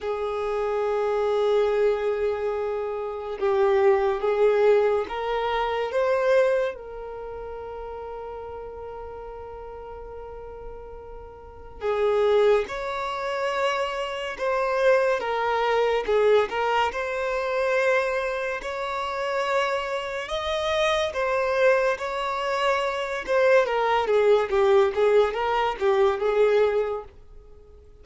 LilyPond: \new Staff \with { instrumentName = "violin" } { \time 4/4 \tempo 4 = 71 gis'1 | g'4 gis'4 ais'4 c''4 | ais'1~ | ais'2 gis'4 cis''4~ |
cis''4 c''4 ais'4 gis'8 ais'8 | c''2 cis''2 | dis''4 c''4 cis''4. c''8 | ais'8 gis'8 g'8 gis'8 ais'8 g'8 gis'4 | }